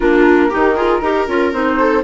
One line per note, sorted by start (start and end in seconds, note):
0.00 0.51 A#3
0.00 0.51 D4
0.00 0.49 F4
0.00 1.52 A#4
0.49 1.01 D#3
0.49 0.76 D#4
0.49 0.75 G4
0.76 1.02 F4
0.76 1.00 G#4
1.00 1.26 D#4
1.00 1.27 G4
1.00 1.76 A#4
1.27 1.52 C#4
1.27 1.52 F4
1.52 2.03 C4
1.52 2.03 D#4
1.52 2.03 C5
1.79 2.04 A4